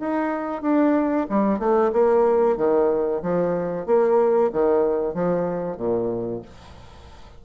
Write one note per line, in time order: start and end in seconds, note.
0.00 0.62 D#4
0.62 1.27 D4
1.30 1.60 G3
1.60 1.92 A3
1.93 2.57 A#3
2.57 3.22 D#3
3.23 3.87 F3
3.87 4.51 A#3
4.53 5.15 D#3
5.15 5.77 F3
5.77 6.42 A#2